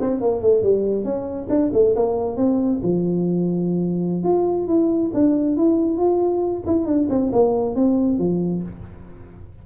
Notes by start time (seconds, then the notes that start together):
0.00 C4
0.21 A#3
0.41 A3
0.62 G3
1.04 C#4
1.49 D4
1.73 A3
1.96 A#3
2.36 C4
2.83 F3
4.23 F4
4.67 E4
5.14 D4
5.56 E4
5.97 F4
6.66 E4
6.86 D4
7.09 C4
7.32 A#3
7.75 C4
8.19 F3